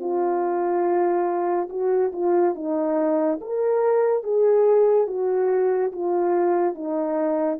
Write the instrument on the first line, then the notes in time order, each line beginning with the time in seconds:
horn
0.00 F4
1.70 F#4
2.13 F4
2.55 D#4
3.41 A#4
4.24 G#4
5.07 F#4
5.92 F4
6.75 D#4